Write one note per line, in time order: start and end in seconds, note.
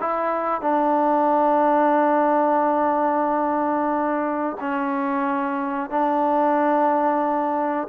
0.00 0.61 E4
0.61 4.57 D4
4.60 5.90 C#4
5.90 7.88 D4